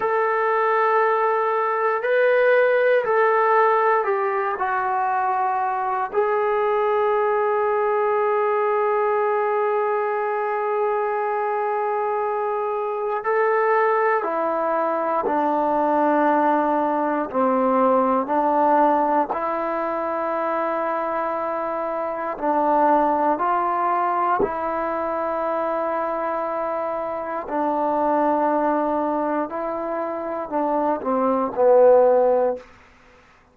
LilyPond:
\new Staff \with { instrumentName = "trombone" } { \time 4/4 \tempo 4 = 59 a'2 b'4 a'4 | g'8 fis'4. gis'2~ | gis'1~ | gis'4 a'4 e'4 d'4~ |
d'4 c'4 d'4 e'4~ | e'2 d'4 f'4 | e'2. d'4~ | d'4 e'4 d'8 c'8 b4 | }